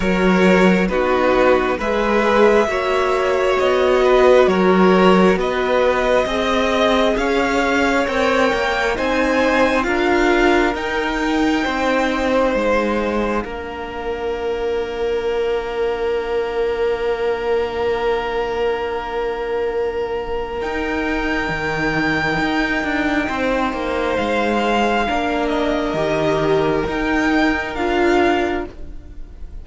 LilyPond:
<<
  \new Staff \with { instrumentName = "violin" } { \time 4/4 \tempo 4 = 67 cis''4 b'4 e''2 | dis''4 cis''4 dis''2 | f''4 g''4 gis''4 f''4 | g''2 f''2~ |
f''1~ | f''2. g''4~ | g''2. f''4~ | f''8 dis''4. g''4 f''4 | }
  \new Staff \with { instrumentName = "violin" } { \time 4/4 ais'4 fis'4 b'4 cis''4~ | cis''8 b'8 ais'4 b'4 dis''4 | cis''2 c''4 ais'4~ | ais'4 c''2 ais'4~ |
ais'1~ | ais'1~ | ais'2 c''2 | ais'1 | }
  \new Staff \with { instrumentName = "viola" } { \time 4/4 fis'4 dis'4 gis'4 fis'4~ | fis'2. gis'4~ | gis'4 ais'4 dis'4 f'4 | dis'2. d'4~ |
d'1~ | d'2. dis'4~ | dis'1 | d'4 g'4 dis'4 f'4 | }
  \new Staff \with { instrumentName = "cello" } { \time 4/4 fis4 b4 gis4 ais4 | b4 fis4 b4 c'4 | cis'4 c'8 ais8 c'4 d'4 | dis'4 c'4 gis4 ais4~ |
ais1~ | ais2. dis'4 | dis4 dis'8 d'8 c'8 ais8 gis4 | ais4 dis4 dis'4 d'4 | }
>>